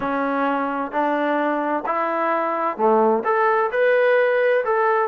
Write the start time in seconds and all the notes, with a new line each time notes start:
0.00 C#4
0.91 D4
1.85 E4
2.77 A3
3.24 A4
3.71 B4
4.64 A4